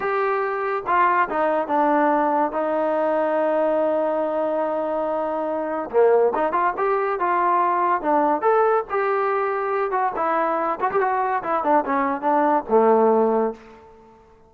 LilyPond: \new Staff \with { instrumentName = "trombone" } { \time 4/4 \tempo 4 = 142 g'2 f'4 dis'4 | d'2 dis'2~ | dis'1~ | dis'2 ais4 dis'8 f'8 |
g'4 f'2 d'4 | a'4 g'2~ g'8 fis'8 | e'4. fis'16 g'16 fis'4 e'8 d'8 | cis'4 d'4 a2 | }